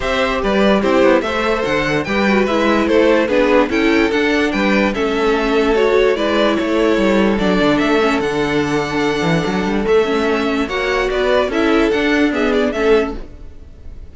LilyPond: <<
  \new Staff \with { instrumentName = "violin" } { \time 4/4 \tempo 4 = 146 e''4 d''4 c''4 e''4 | fis''4 g''4 e''4 c''4 | b'4 g''4 fis''4 g''4 | e''2 cis''4 d''4 |
cis''2 d''4 e''4 | fis''1 | e''2 fis''4 d''4 | e''4 fis''4 e''8 d''8 e''4 | }
  \new Staff \with { instrumentName = "violin" } { \time 4/4 c''4 b'4 g'4 c''4~ | c''4 b'2 a'4 | gis'4 a'2 b'4 | a'2. b'4 |
a'1~ | a'1~ | a'2 cis''4 b'4 | a'2 gis'4 a'4 | }
  \new Staff \with { instrumentName = "viola" } { \time 4/4 g'2 e'4 a'4~ | a'4 g'8 fis'8 e'2 | d'4 e'4 d'2 | cis'2 fis'4 e'4~ |
e'2 d'4. cis'8 | d'1 | a8 cis'4. fis'2 | e'4 d'4 b4 cis'4 | }
  \new Staff \with { instrumentName = "cello" } { \time 4/4 c'4 g4 c'8 b8 a4 | d4 g4 gis4 a4 | b4 cis'4 d'4 g4 | a2. gis4 |
a4 g4 fis8 d8 a4 | d2~ d8 e8 fis8 g8 | a2 ais4 b4 | cis'4 d'2 a4 | }
>>